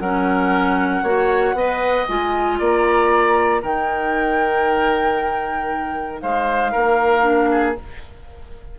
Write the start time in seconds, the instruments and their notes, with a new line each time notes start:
0.00 bassoon F#3, clarinet C#4, oboe A#4, flute F#5
1.03 bassoon A#3, clarinet F#4, oboe C#5
1.54 bassoon B3, clarinet B4, oboe D#5
2.08 bassoon G#3, clarinet F4, flute G#5
2.59 bassoon A#3, oboe D5, flute A#5
3.62 bassoon D#3, clarinet D#4, oboe A#4, flute G5
6.21 bassoon G#3, oboe C5, flute F5
6.72 bassoon A#3, oboe A#4
7.23 clarinet D4
7.51 oboe G#4